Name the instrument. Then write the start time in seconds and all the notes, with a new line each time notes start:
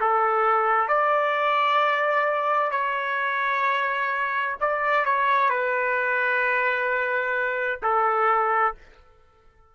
trumpet
0.00 A4
0.88 D5
2.71 C#5
4.60 D5
5.05 C#5
5.49 B4
7.82 A4